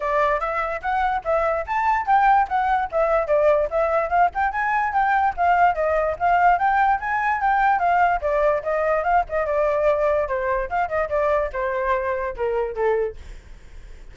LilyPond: \new Staff \with { instrumentName = "flute" } { \time 4/4 \tempo 4 = 146 d''4 e''4 fis''4 e''4 | a''4 g''4 fis''4 e''4 | d''4 e''4 f''8 g''8 gis''4 | g''4 f''4 dis''4 f''4 |
g''4 gis''4 g''4 f''4 | d''4 dis''4 f''8 dis''8 d''4~ | d''4 c''4 f''8 dis''8 d''4 | c''2 ais'4 a'4 | }